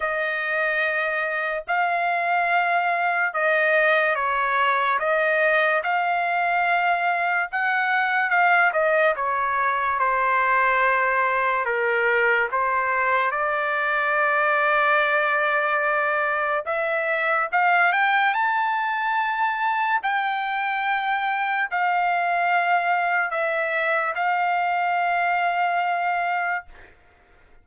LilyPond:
\new Staff \with { instrumentName = "trumpet" } { \time 4/4 \tempo 4 = 72 dis''2 f''2 | dis''4 cis''4 dis''4 f''4~ | f''4 fis''4 f''8 dis''8 cis''4 | c''2 ais'4 c''4 |
d''1 | e''4 f''8 g''8 a''2 | g''2 f''2 | e''4 f''2. | }